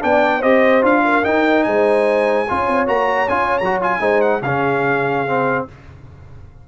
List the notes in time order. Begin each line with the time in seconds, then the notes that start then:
0.00 B3 D4 D5 G5
0.39 C4 G4 C5 D#5
0.81 D4 F4 F5
1.04 A#4
1.23 D#4 G5
1.63 G#3 C5 G#5
2.48 C#4 F4 C#5
2.68 C4
2.86 A#3 F#4 A#5
3.29 C#4 F4 G#5
3.58 F#3 A#5
3.64 F#4
3.81 F4 G#5
3.99 G#3 D#4 C5
4.21 F#5
4.41 C#3 C#4 G#4 F5
5.27 C4